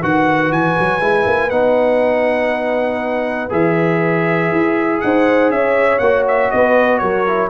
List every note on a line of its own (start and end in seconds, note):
0.00 0.51 D#3
0.00 1.01 F#4
0.00 5.00 B4
0.00 0.53 F#5
0.51 0.76 E3
0.51 1.50 G#5
0.79 1.01 F#3
1.01 1.26 G#3
1.01 1.51 E4
1.27 1.51 A#3
1.50 3.51 B3
1.50 3.50 D#4
1.50 3.50 F#5
3.50 4.52 E3
3.50 6.00 G#4
3.50 5.01 E5
4.52 5.02 E4
5.01 5.50 D#4
5.01 5.55 C5
5.01 5.51 F#5
5.50 6.00 C#4
5.50 6.54 C#5
5.50 5.99 E5
5.99 6.50 A#3
5.99 7.27 F#4
5.99 6.24 F#5
6.28 6.51 E5
6.51 7.02 B3
6.51 7.02 B4
6.51 6.98 D#5
6.98 7.51 F#3
6.98 7.51 A#4
6.98 7.48 C#5
7.27 7.51 E4